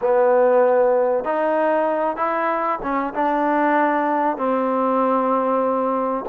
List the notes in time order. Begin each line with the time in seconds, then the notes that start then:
0.01 B3
1.24 D#4
2.16 E4
2.82 C#4
3.13 D4
4.37 C4